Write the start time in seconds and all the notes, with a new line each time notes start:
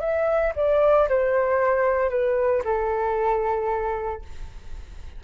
0.00 E5
0.56 D5
1.09 C5
2.10 B4
2.65 A4